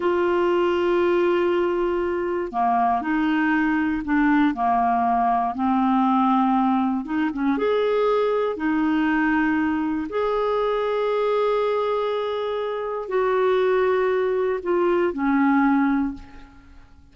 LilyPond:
\new Staff \with { instrumentName = "clarinet" } { \time 4/4 \tempo 4 = 119 f'1~ | f'4 ais4 dis'2 | d'4 ais2 c'4~ | c'2 dis'8 cis'8 gis'4~ |
gis'4 dis'2. | gis'1~ | gis'2 fis'2~ | fis'4 f'4 cis'2 | }